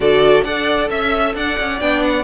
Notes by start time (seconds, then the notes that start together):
0.00 D3 F#4 A4 D5
0.43 D4 A4 D5 F#5
0.90 C#4 E5
1.35 D4 D5 F#5
1.59 C#4
1.80 B3 D4 G5
2.03 F#5